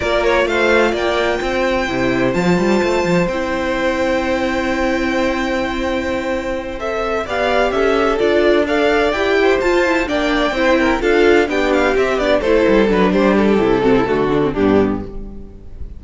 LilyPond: <<
  \new Staff \with { instrumentName = "violin" } { \time 4/4 \tempo 4 = 128 d''8 cis''8 f''4 g''2~ | g''4 a''2 g''4~ | g''1~ | g''2~ g''8 e''4 f''8~ |
f''8 e''4 d''4 f''4 g''8~ | g''8 a''4 g''2 f''8~ | f''8 g''8 f''8 e''8 d''8 c''4 b'8 | c''8 a'2~ a'8 g'4 | }
  \new Staff \with { instrumentName = "violin" } { \time 4/4 ais'4 c''4 d''4 c''4~ | c''1~ | c''1~ | c''2.~ c''8 d''8~ |
d''8 a'2 d''4. | c''4. d''4 c''8 ais'8 a'8~ | a'8 g'2 a'4. | g'4. fis'16 e'16 fis'4 d'4 | }
  \new Staff \with { instrumentName = "viola" } { \time 4/4 f'1 | e'4 f'2 e'4~ | e'1~ | e'2~ e'8 a'4 g'8~ |
g'4. f'4 a'4 g'8~ | g'8 f'8 e'8 d'4 e'4 f'8~ | f'8 d'4 c'8 d'8 e'4 d'8~ | d'4 e'8 c'8 a8 d'16 c'16 b4 | }
  \new Staff \with { instrumentName = "cello" } { \time 4/4 ais4 a4 ais4 c'4 | c4 f8 g8 a8 f8 c'4~ | c'1~ | c'2.~ c'8 b8~ |
b8 cis'4 d'2 e'8~ | e'8 f'4 ais4 c'4 d'8~ | d'8 b4 c'8 b8 a8 g8 fis8 | g4 c4 d4 g,4 | }
>>